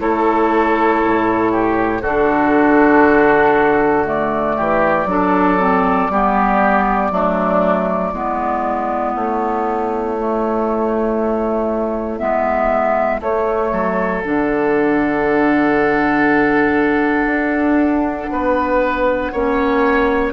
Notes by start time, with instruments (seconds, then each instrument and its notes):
0.00 bassoon A3, clarinet E4, oboe A4, flute C#5
1.06 bassoon A2
1.52 oboe G4
2.02 bassoon D3, clarinet D4, oboe F#4, flute A4
4.05 clarinet A3, flute D5
4.57 bassoon E3, oboe G4
5.06 bassoon F#3, clarinet D4, oboe A4
5.59 clarinet C4
6.10 bassoon G3, clarinet B3, oboe G4
7.12 bassoon F#3, clarinet A3, oboe D4
8.14 bassoon G#3, clarinet B3, oboe E4
9.14 bassoon A3, flute C#5
10.18 clarinet A3
12.19 bassoon G#3, clarinet B3, flute E5
13.21 bassoon A3, clarinet A3, flute C#5
13.72 bassoon F#3, oboe A4
14.22 bassoon D3, clarinet D4, flute F#5
17.26 bassoon D4
18.31 bassoon B3, oboe B4
19.33 bassoon A#3, clarinet C#4, oboe C#5